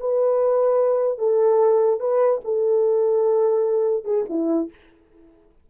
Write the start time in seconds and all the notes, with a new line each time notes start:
0.00 B4
1.19 A4
2.00 B4
2.44 A4
4.04 G#4
4.29 E4